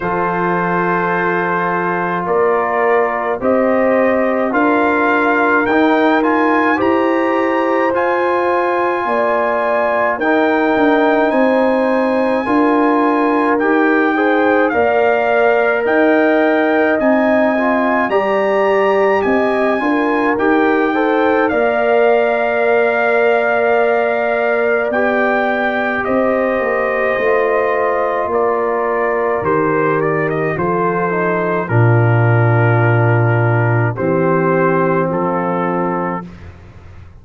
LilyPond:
<<
  \new Staff \with { instrumentName = "trumpet" } { \time 4/4 \tempo 4 = 53 c''2 d''4 dis''4 | f''4 g''8 gis''8 ais''4 gis''4~ | gis''4 g''4 gis''2 | g''4 f''4 g''4 gis''4 |
ais''4 gis''4 g''4 f''4~ | f''2 g''4 dis''4~ | dis''4 d''4 c''8 d''16 dis''16 c''4 | ais'2 c''4 a'4 | }
  \new Staff \with { instrumentName = "horn" } { \time 4/4 a'2 ais'4 c''4 | ais'2 c''2 | d''4 ais'4 c''4 ais'4~ | ais'8 c''8 d''4 dis''2 |
d''4 dis''8 ais'4 c''8 d''4~ | d''2. c''4~ | c''4 ais'2 a'4 | f'2 g'4 f'4 | }
  \new Staff \with { instrumentName = "trombone" } { \time 4/4 f'2. g'4 | f'4 dis'8 f'8 g'4 f'4~ | f'4 dis'2 f'4 | g'8 gis'8 ais'2 dis'8 f'8 |
g'4. f'8 g'8 a'8 ais'4~ | ais'2 g'2 | f'2 g'4 f'8 dis'8 | d'2 c'2 | }
  \new Staff \with { instrumentName = "tuba" } { \time 4/4 f2 ais4 c'4 | d'4 dis'4 e'4 f'4 | ais4 dis'8 d'8 c'4 d'4 | dis'4 ais4 dis'4 c'4 |
g4 c'8 d'8 dis'4 ais4~ | ais2 b4 c'8 ais8 | a4 ais4 dis4 f4 | ais,2 e4 f4 | }
>>